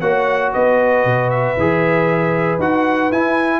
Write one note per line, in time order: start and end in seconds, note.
0.00 0.52 A#3
0.00 1.56 F#4
0.00 0.52 C#5
0.00 0.52 F#5
0.52 1.04 B3
0.52 3.60 B4
0.52 1.30 D#5
1.04 1.56 B2
1.30 2.59 E5
1.56 2.58 E3
1.56 2.60 G#4
2.58 3.10 D#4
2.58 3.12 F#4
2.58 3.12 F#5
3.11 3.60 E4
3.11 3.60 G#5